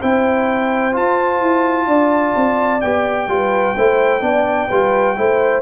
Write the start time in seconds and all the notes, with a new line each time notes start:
0.00 C4 E4 C5 G5
0.92 F4 A5
1.40 E4
1.86 D4 D5
2.36 C4
2.81 B3 G4 G5
3.27 G3 F4 B4
3.74 A3 E4 C5
4.20 B3 D4 D5
4.68 G3 F4 B4
5.16 A3 E4 C5